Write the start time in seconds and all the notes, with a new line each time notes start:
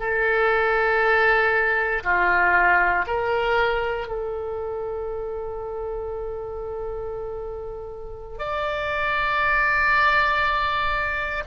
0.00 A4
2.03 F4
3.07 A#4
4.07 A4
8.39 D5